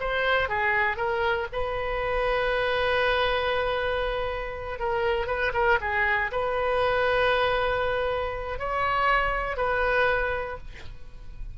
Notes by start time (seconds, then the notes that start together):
0.00 C5
0.48 G#4
0.96 A#4
1.52 B4
4.79 A#4
5.27 B4
5.53 A#4
5.81 G#4
6.32 B4
8.59 C#5
9.57 B4